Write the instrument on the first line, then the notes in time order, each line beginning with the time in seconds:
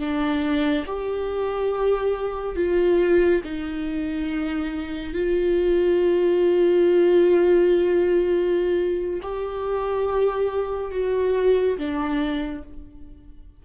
viola
0.00 D4
0.87 G4
2.56 F4
3.44 D#4
5.14 F4
9.23 G4
10.92 F#4
11.78 D4